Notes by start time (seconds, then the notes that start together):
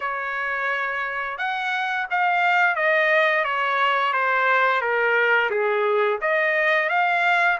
0.00 C#5
1.38 F#5
2.10 F5
2.75 D#5
3.44 C#5
4.13 C5
4.81 A#4
5.50 G#4
6.21 D#5
6.89 F5